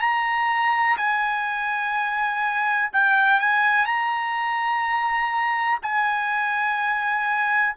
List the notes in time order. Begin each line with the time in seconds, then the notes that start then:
0.00 A#5
0.97 G#5
2.93 G5
3.40 G#5
3.86 A#5
5.82 G#5